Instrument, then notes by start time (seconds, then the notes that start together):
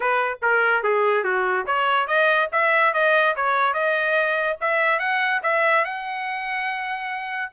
trumpet
0.00 B4
0.42 A#4
0.83 G#4
1.24 F#4
1.66 C#5
2.07 D#5
2.52 E5
2.93 D#5
3.36 C#5
3.73 D#5
4.60 E5
4.99 F#5
5.43 E5
5.84 F#5